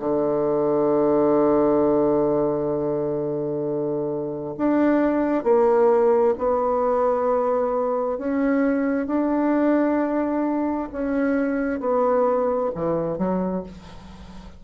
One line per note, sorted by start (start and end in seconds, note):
0.00 4.55 D3
4.57 5.44 D4
5.44 6.35 A#3
6.38 8.18 B3
8.18 9.07 C#4
9.07 10.88 D4
10.93 11.80 C#4
11.80 12.71 B3
12.75 13.18 E3
13.18 13.64 F#3